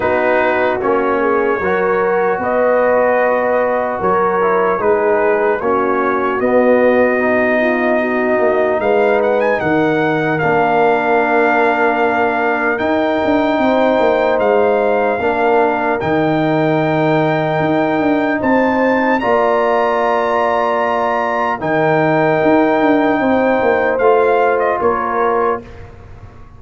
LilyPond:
<<
  \new Staff \with { instrumentName = "trumpet" } { \time 4/4 \tempo 4 = 75 b'4 cis''2 dis''4~ | dis''4 cis''4 b'4 cis''4 | dis''2. f''8 fis''16 gis''16 | fis''4 f''2. |
g''2 f''2 | g''2. a''4 | ais''2. g''4~ | g''2 f''8. dis''16 cis''4 | }
  \new Staff \with { instrumentName = "horn" } { \time 4/4 fis'4. gis'8 ais'4 b'4~ | b'4 ais'4 gis'4 fis'4~ | fis'4. f'8 fis'4 b'4 | ais'1~ |
ais'4 c''2 ais'4~ | ais'2. c''4 | d''2. ais'4~ | ais'4 c''2 ais'4 | }
  \new Staff \with { instrumentName = "trombone" } { \time 4/4 dis'4 cis'4 fis'2~ | fis'4. e'8 dis'4 cis'4 | b4 dis'2.~ | dis'4 d'2. |
dis'2. d'4 | dis'1 | f'2. dis'4~ | dis'2 f'2 | }
  \new Staff \with { instrumentName = "tuba" } { \time 4/4 b4 ais4 fis4 b4~ | b4 fis4 gis4 ais4 | b2~ b8 ais8 gis4 | dis4 ais2. |
dis'8 d'8 c'8 ais8 gis4 ais4 | dis2 dis'8 d'8 c'4 | ais2. dis4 | dis'8 d'8 c'8 ais8 a4 ais4 | }
>>